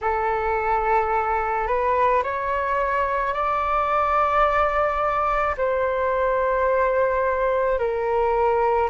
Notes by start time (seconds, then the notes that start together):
0.01 A4
1.67 B4
2.23 C#5
3.33 D5
5.57 C5
7.78 A#4